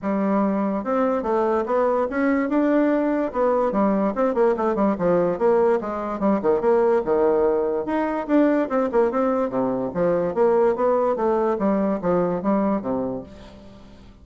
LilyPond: \new Staff \with { instrumentName = "bassoon" } { \time 4/4 \tempo 4 = 145 g2 c'4 a4 | b4 cis'4 d'2 | b4 g4 c'8 ais8 a8 g8 | f4 ais4 gis4 g8 dis8 |
ais4 dis2 dis'4 | d'4 c'8 ais8 c'4 c4 | f4 ais4 b4 a4 | g4 f4 g4 c4 | }